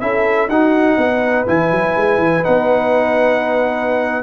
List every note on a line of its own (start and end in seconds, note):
0.00 0.48 C#4
0.00 0.49 E4
0.00 0.51 A4
0.00 0.48 E5
0.48 0.96 D#4
0.48 1.47 D#4
0.48 0.98 F#4
0.48 1.46 F#5
0.97 1.46 B3
0.97 4.23 B4
1.47 1.71 E3
1.47 2.43 E4
1.47 2.44 G#5
1.71 1.95 F#3
1.97 2.18 G#3
2.18 2.42 E3
2.43 4.23 B3
2.43 4.23 D#4
2.43 4.23 F#5